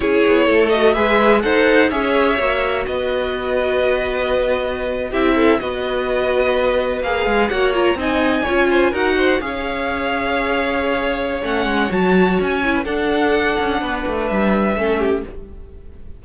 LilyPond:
<<
  \new Staff \with { instrumentName = "violin" } { \time 4/4 \tempo 4 = 126 cis''4. dis''8 e''4 fis''4 | e''2 dis''2~ | dis''2~ dis''8. e''4 dis''16~ | dis''2~ dis''8. f''4 fis''16~ |
fis''16 ais''8 gis''2 fis''4 f''16~ | f''1 | fis''4 a''4 gis''4 fis''4~ | fis''2 e''2 | }
  \new Staff \with { instrumentName = "violin" } { \time 4/4 gis'4 a'4 b'4 c''4 | cis''2 b'2~ | b'2~ b'8. g'8 a'8 b'16~ | b'2.~ b'8. cis''16~ |
cis''8. dis''4 cis''8 c''8 ais'8 c''8 cis''16~ | cis''1~ | cis''2~ cis''8. b'16 a'4~ | a'4 b'2 a'8 g'8 | }
  \new Staff \with { instrumentName = "viola" } { \time 4/4 e'4. fis'8 gis'4 a'4 | gis'4 fis'2.~ | fis'2~ fis'8. e'4 fis'16~ | fis'2~ fis'8. gis'4 fis'16~ |
fis'16 f'8 dis'4 f'4 fis'4 gis'16~ | gis'1 | cis'4 fis'4. e'8 d'4~ | d'2. cis'4 | }
  \new Staff \with { instrumentName = "cello" } { \time 4/4 cis'8 b8 a4 gis4 dis'4 | cis'4 ais4 b2~ | b2~ b8. c'4 b16~ | b2~ b8. ais8 gis8 ais16~ |
ais8. c'4 cis'4 dis'4 cis'16~ | cis'1 | a8 gis8 fis4 cis'4 d'4~ | d'8 cis'8 b8 a8 g4 a4 | }
>>